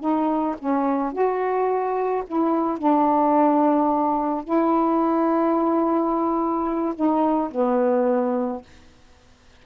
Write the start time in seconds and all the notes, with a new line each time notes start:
0.00 D#4
0.59 C#4
1.12 F#4
2.27 E4
2.78 D4
4.44 E4
6.95 D#4
7.51 B3